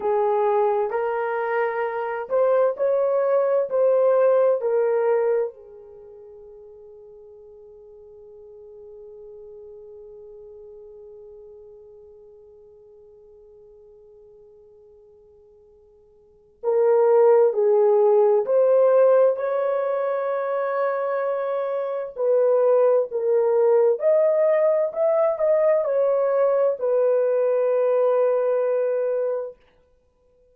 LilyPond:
\new Staff \with { instrumentName = "horn" } { \time 4/4 \tempo 4 = 65 gis'4 ais'4. c''8 cis''4 | c''4 ais'4 gis'2~ | gis'1~ | gis'1~ |
gis'2 ais'4 gis'4 | c''4 cis''2. | b'4 ais'4 dis''4 e''8 dis''8 | cis''4 b'2. | }